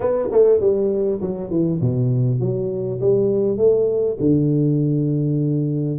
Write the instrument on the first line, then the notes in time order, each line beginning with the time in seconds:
tuba
0.00 B3
0.31 A3
0.60 G3
1.21 F#3
1.50 E3
1.80 B2
2.40 F#3
3.01 G3
3.57 A3
4.19 D3